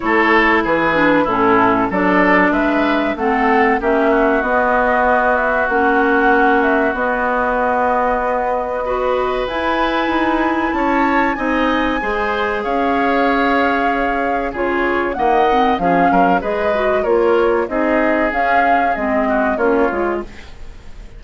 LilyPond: <<
  \new Staff \with { instrumentName = "flute" } { \time 4/4 \tempo 4 = 95 cis''4 b'4 a'4 d''4 | e''4 fis''4 e''4 dis''4~ | dis''8 e''8 fis''4. e''8 dis''4~ | dis''2. gis''4~ |
gis''4 a''4 gis''2 | f''2. cis''4 | fis''4 f''4 dis''4 cis''4 | dis''4 f''4 dis''4 cis''4 | }
  \new Staff \with { instrumentName = "oboe" } { \time 4/4 a'4 gis'4 e'4 a'4 | b'4 a'4 g'8 fis'4.~ | fis'1~ | fis'2 b'2~ |
b'4 cis''4 dis''4 c''4 | cis''2. gis'4 | dis''4 gis'8 ais'8 b'4 ais'4 | gis'2~ gis'8 fis'8 f'4 | }
  \new Staff \with { instrumentName = "clarinet" } { \time 4/4 e'4. d'8 cis'4 d'4~ | d'4 c'4 cis'4 b4~ | b4 cis'2 b4~ | b2 fis'4 e'4~ |
e'2 dis'4 gis'4~ | gis'2. f'4 | ais8 c'8 cis'4 gis'8 fis'8 f'4 | dis'4 cis'4 c'4 cis'8 f'8 | }
  \new Staff \with { instrumentName = "bassoon" } { \time 4/4 a4 e4 a,4 fis4 | gis4 a4 ais4 b4~ | b4 ais2 b4~ | b2. e'4 |
dis'4 cis'4 c'4 gis4 | cis'2. cis4 | dis4 f8 fis8 gis4 ais4 | c'4 cis'4 gis4 ais8 gis8 | }
>>